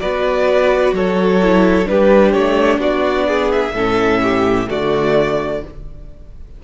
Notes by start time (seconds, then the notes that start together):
0.00 B3 F#4 B4 D5
0.93 F#3 A4 C#5
1.43 E4
1.86 G3 D4 G4 B4
2.33 A3 C#5
2.78 B3 F#4 D5
3.28 G#4
3.52 E5
3.73 A2 C#4 A4
4.23 G4
4.68 D3 A3 F#4 D5